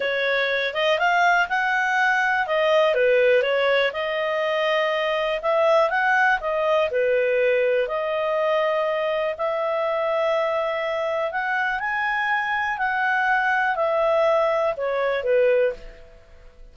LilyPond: \new Staff \with { instrumentName = "clarinet" } { \time 4/4 \tempo 4 = 122 cis''4. dis''8 f''4 fis''4~ | fis''4 dis''4 b'4 cis''4 | dis''2. e''4 | fis''4 dis''4 b'2 |
dis''2. e''4~ | e''2. fis''4 | gis''2 fis''2 | e''2 cis''4 b'4 | }